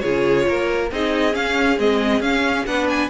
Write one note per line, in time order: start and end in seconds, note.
0.00 0.48 C#3
0.00 0.90 F4
0.00 0.46 G#4
0.00 0.88 C#5
0.48 0.92 A#3
0.48 0.92 A#4
0.92 1.35 C4
0.92 1.32 D#4
0.92 2.67 G#4
0.92 1.35 D#5
1.32 1.76 C#4
1.32 1.79 C#4
1.32 1.79 F5
1.79 2.21 G#3
1.79 2.22 C4
1.79 2.22 D#5
2.21 2.64 C#4
2.21 2.66 C#4
2.21 2.66 F5
2.66 3.10 B3
2.66 3.10 D4
2.66 3.10 B4
2.66 2.88 F#5
2.90 3.10 G#5